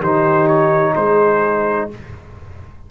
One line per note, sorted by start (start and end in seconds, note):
0.00 0.94 D#3
0.00 1.91 D#4
0.00 0.94 G4
0.00 0.47 C5
0.47 0.94 C#5
0.96 1.90 G#3
0.96 1.90 G#4
0.96 1.89 C5